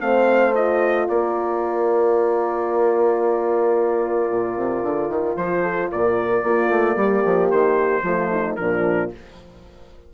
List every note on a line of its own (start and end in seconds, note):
0.00 1.08 A3
0.00 0.54 C4
0.00 1.10 C5
0.00 0.54 F5
0.54 6.43 F4
0.54 1.08 D#5
1.08 4.30 A#3
1.08 5.62 A#4
1.08 5.36 D5
4.30 4.56 A#2
4.56 4.82 C3
4.82 5.08 D3
5.08 5.35 D#3
5.36 5.90 F3
5.36 5.90 C5
5.62 5.89 A4
5.92 6.43 A#2
5.92 6.45 A#4
5.92 7.51 D5
6.43 6.69 A#3
6.43 8.05 A#3
6.43 6.96 F4
6.69 6.96 A3
6.96 7.23 G3
6.96 8.03 G4
7.25 7.51 F3
7.51 8.02 D#3
7.51 8.56 C5
8.02 8.56 F3
8.02 8.58 A3
8.02 8.31 F4
8.32 8.58 D#4
8.56 9.14 A#2
8.56 9.12 F3
8.56 9.13 D4
8.56 9.10 A#4